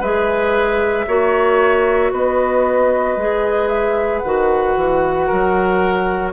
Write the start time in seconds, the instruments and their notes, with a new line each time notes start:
0.00 bassoon G#3, clarinet G#4, oboe B4, flute E5
1.07 bassoon A#3, clarinet F#4, oboe C#5
2.12 bassoon B3, oboe B4, flute D#5
3.16 bassoon G#3, clarinet G#4
3.68 flute E5
4.19 bassoon D#3, flute F#5
4.25 clarinet F#4
4.76 bassoon E3
5.27 bassoon F#3, oboe A#4